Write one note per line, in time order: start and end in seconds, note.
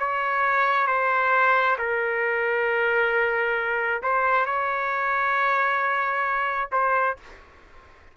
0.00 0.88 C#5
0.88 1.77 C5
1.79 4.03 A#4
4.03 4.47 C5
4.47 6.70 C#5
6.72 7.17 C5